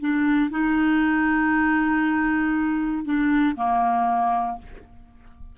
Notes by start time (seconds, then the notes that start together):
0.00 D4
0.50 D#4
3.04 D4
3.56 A#3